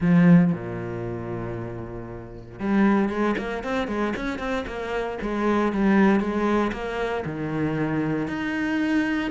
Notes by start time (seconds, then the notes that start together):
0.00 F3
0.52 A#2
2.59 G3
3.09 G#3
3.38 A#3
3.63 C4
3.87 G#3
4.15 C#4
4.38 C4
4.66 A#3
5.21 G#3
5.72 G3
6.20 G#3
6.72 A#3
7.25 D#3
8.27 D#4